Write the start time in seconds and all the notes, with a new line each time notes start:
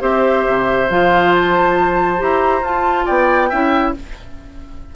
0.00 C4 G4 C5 E5
0.48 C3
0.90 F3 F4 F5
1.35 A5
2.18 E4 G4 A#5
2.62 F4 A5
3.06 B3 D5 G5
3.49 C#4 E4 E5